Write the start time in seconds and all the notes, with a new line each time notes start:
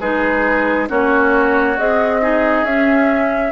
0.00 G#3 D#4 G#4 B4
0.88 A#3 C#4 F#4 C#5
1.78 C4 G#4 D#5
2.22 D#4 G#4
2.63 C#4 E5